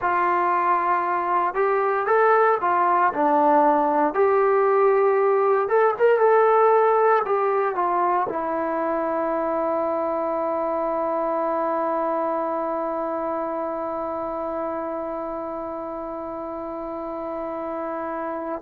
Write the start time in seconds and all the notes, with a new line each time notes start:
0.00 F4
1.54 G4
2.06 A4
2.61 F4
3.13 D4
4.14 G4
5.68 A4
5.98 A#4
6.19 A4
7.25 G4
7.75 F4
8.29 E4